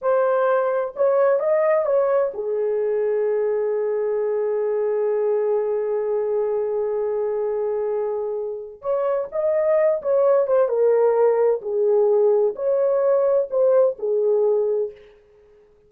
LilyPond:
\new Staff \with { instrumentName = "horn" } { \time 4/4 \tempo 4 = 129 c''2 cis''4 dis''4 | cis''4 gis'2.~ | gis'1~ | gis'1~ |
gis'2. cis''4 | dis''4. cis''4 c''8 ais'4~ | ais'4 gis'2 cis''4~ | cis''4 c''4 gis'2 | }